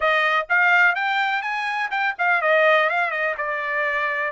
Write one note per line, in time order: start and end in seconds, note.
0.00 0.47 D#5
0.49 0.95 F5
0.95 1.42 G5
1.42 1.90 G#5
1.90 2.14 G5
2.18 2.41 F5
2.41 2.89 D#5
2.89 3.10 F5
3.10 3.34 D#5
3.37 4.32 D5